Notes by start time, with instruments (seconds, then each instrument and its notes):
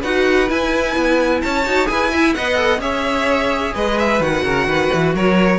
0.00 cello D#4, viola F#4, violin B4 F#5
0.47 viola E4, cello E4, violin G#5
0.96 cello B3
1.42 cello C#4, violin C#5 A5
1.65 cello D#4, viola F#4
1.86 cello E4, viola G#4, violin B4 G#5
2.12 viola E4, violin E5
2.34 cello B3, viola B4, violin D#5 F#5
2.56 viola A4
2.79 cello C#4, viola G#4, violin C#5 E5
3.74 cello G#3, violin B4 D#5
3.99 violin E5
4.20 cello D#3, viola F#4, violin F#5
4.44 cello C#3, violin A#4
4.67 cello D#3, violin B4
4.94 cello E3
5.14 cello F#3, violin A#4 C#5